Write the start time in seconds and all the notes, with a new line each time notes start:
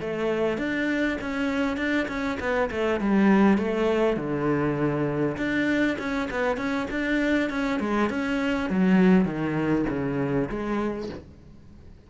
0.00 A3
0.58 D4
1.21 C#4
1.77 D4
2.08 C#4
2.39 B3
2.71 A3
3.00 G3
3.58 A3
4.16 D3
5.37 D4
5.98 C#4
6.31 B3
6.57 C#4
6.90 D4
7.49 C#4
7.79 G#3
8.09 C#4
8.70 F#3
9.25 D#3
9.89 C#3
10.49 G#3